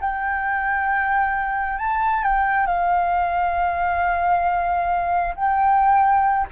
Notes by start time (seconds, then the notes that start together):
0.00 G5
1.78 A5
2.23 G5
2.66 F5
5.35 G5